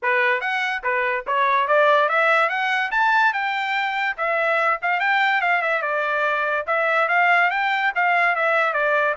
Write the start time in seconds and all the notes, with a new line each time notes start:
0.02 B4
0.41 F#5
0.83 B4
1.26 C#5
1.67 D5
2.09 E5
2.49 F#5
2.91 A5
3.33 G5
4.17 E5
4.82 F5
5.00 G5
5.41 F5
5.62 E5
5.82 D5
6.66 E5
7.08 F5
7.50 G5
7.95 F5
8.35 E5
8.73 D5